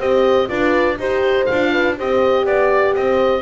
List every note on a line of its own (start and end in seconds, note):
0.00 0.49 C4
0.00 0.48 G4
0.00 0.49 C5
0.00 0.49 D#5
0.48 0.99 D4
0.48 0.97 F4
0.48 0.99 B4
0.48 0.98 D5
0.99 1.48 D#4
0.99 1.49 G4
0.99 1.72 C5
0.99 1.46 C5
1.46 1.99 D4
1.46 1.98 F4
1.46 1.95 F5
1.72 1.97 B4
1.98 2.46 C4
1.98 3.43 G4
1.98 2.45 C5
1.98 2.46 D#5
2.45 2.95 B3
2.45 2.95 D5
2.45 2.96 D5
2.95 3.43 C4
2.95 3.43 C5
2.95 3.43 D#5